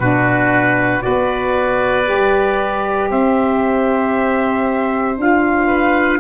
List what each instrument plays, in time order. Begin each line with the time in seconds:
0.00 tuba B2, saxophone D4, oboe F#4, trumpet B4
1.01 tuba B3, saxophone F#4, oboe B4, trumpet D5
2.05 tuba G3, saxophone G4
3.10 tuba C4, oboe C5, trumpet E5
5.18 tuba D4, saxophone F4, trumpet F5
5.67 oboe B4